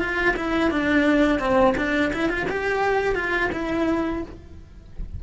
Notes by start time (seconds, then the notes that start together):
0.00 F4
0.37 E4
0.71 D4
1.39 C4
1.77 D4
2.13 E4
2.29 F4
2.50 G4
3.15 F4
3.53 E4